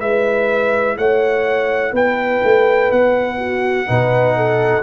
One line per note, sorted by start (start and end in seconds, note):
0.00 0.97 G#3
0.00 3.86 E4
0.00 0.98 B4
0.00 0.97 E5
0.97 1.92 A3
0.97 1.93 C#5
0.97 1.94 F#5
1.92 2.41 B3
1.92 3.38 B4
1.92 2.92 G5
2.44 2.91 A3
2.91 3.88 B3
2.91 4.83 F#5
3.38 3.86 F#4
3.86 4.83 B2
3.86 4.83 D#4
3.86 4.36 B4
4.36 4.83 A4